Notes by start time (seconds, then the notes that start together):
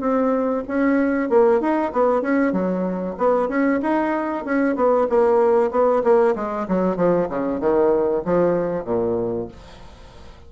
0.00 C4
0.68 C#4
1.29 A#3
1.60 D#4
1.92 B3
2.21 C#4
2.52 F#3
3.18 B3
3.49 C#4
3.82 D#4
4.45 C#4
4.75 B3
5.09 A#3
5.71 B3
6.03 A#3
6.35 G#3
6.68 F#3
6.96 F3
7.29 C#3
7.60 D#3
8.25 F3
8.84 A#2